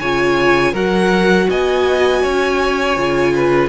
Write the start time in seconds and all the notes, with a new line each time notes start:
0.00 C#3 F4 C#5 G#5
0.73 F#3 F#4 A#4 F#5
1.50 B3 D#5 G#5
2.23 C#4 C#5
2.97 C#3 F4
3.35 B4